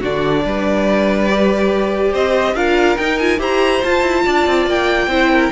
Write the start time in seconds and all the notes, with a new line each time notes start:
0.00 D3 D4 F#4 D5
0.45 G3 B4
1.29 G4
2.12 C4 C5 D#5
2.55 D4 F4 A#4 F5
2.97 D#4 G5
3.18 F4 G#5
3.38 E4 G4 C5 A#5
3.84 F4 A5
4.01 E4
4.25 D4 D5
4.46 C4
4.66 A#3 G5
5.07 C4 E4 C5
5.32 A#4